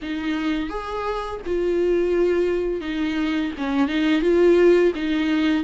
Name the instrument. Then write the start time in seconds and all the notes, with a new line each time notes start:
viola
0.02 D#4
0.69 G#4
1.45 F4
2.80 D#4
3.57 C#4
3.88 D#4
4.21 F4
4.95 D#4